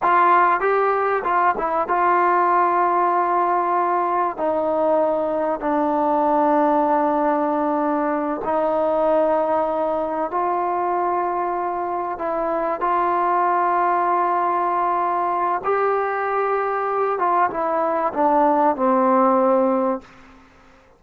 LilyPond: \new Staff \with { instrumentName = "trombone" } { \time 4/4 \tempo 4 = 96 f'4 g'4 f'8 e'8 f'4~ | f'2. dis'4~ | dis'4 d'2.~ | d'4. dis'2~ dis'8~ |
dis'8 f'2. e'8~ | e'8 f'2.~ f'8~ | f'4 g'2~ g'8 f'8 | e'4 d'4 c'2 | }